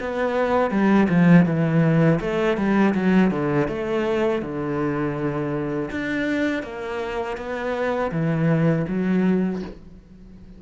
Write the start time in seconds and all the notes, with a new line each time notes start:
0.00 B3
0.71 G3
1.09 F3
1.46 E3
2.21 A3
2.57 G3
2.95 F#3
3.31 D3
3.68 A3
4.42 D3
5.91 D4
6.63 A#3
7.37 B3
8.12 E3
8.88 F#3